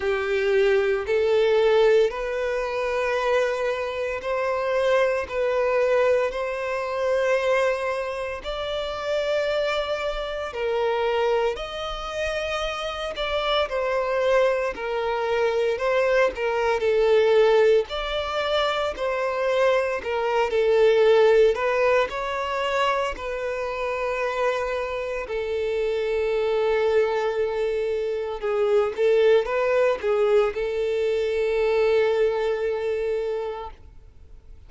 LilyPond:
\new Staff \with { instrumentName = "violin" } { \time 4/4 \tempo 4 = 57 g'4 a'4 b'2 | c''4 b'4 c''2 | d''2 ais'4 dis''4~ | dis''8 d''8 c''4 ais'4 c''8 ais'8 |
a'4 d''4 c''4 ais'8 a'8~ | a'8 b'8 cis''4 b'2 | a'2. gis'8 a'8 | b'8 gis'8 a'2. | }